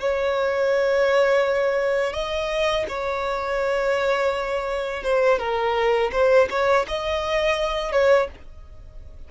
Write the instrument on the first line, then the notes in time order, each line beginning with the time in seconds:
violin
0.00 C#5
2.13 D#5
2.88 C#5
5.03 C5
5.39 A#4
6.12 C5
6.50 C#5
6.88 D#5
7.92 C#5